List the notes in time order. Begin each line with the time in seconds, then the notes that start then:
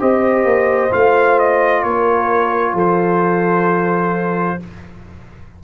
0.00 C4 G4 C5 D#5
0.45 A#3
0.91 A3 F4 F5
1.39 D#5
1.84 A#3 A#4 C#5
2.74 F3 A4 C5